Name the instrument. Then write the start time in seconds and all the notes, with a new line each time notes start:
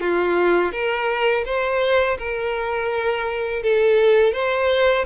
violin
0.00 F4
0.72 A#4
1.45 C5
2.18 A#4
3.62 A4
4.32 C5